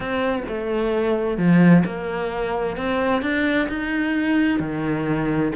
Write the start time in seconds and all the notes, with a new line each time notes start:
0.00 C4
0.47 A3
1.37 F3
1.85 A#3
2.77 C4
3.21 D4
3.69 D#4
4.59 D#3